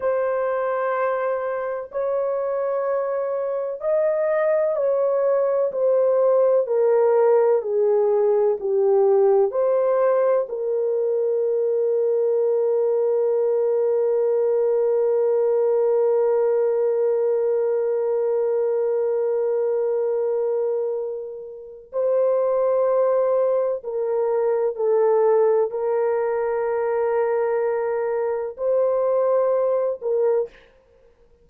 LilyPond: \new Staff \with { instrumentName = "horn" } { \time 4/4 \tempo 4 = 63 c''2 cis''2 | dis''4 cis''4 c''4 ais'4 | gis'4 g'4 c''4 ais'4~ | ais'1~ |
ais'1~ | ais'2. c''4~ | c''4 ais'4 a'4 ais'4~ | ais'2 c''4. ais'8 | }